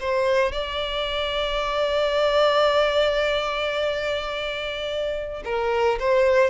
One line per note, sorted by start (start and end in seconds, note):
0.00 0.52 C5
0.52 5.43 D5
5.44 5.99 A#4
5.99 6.50 C5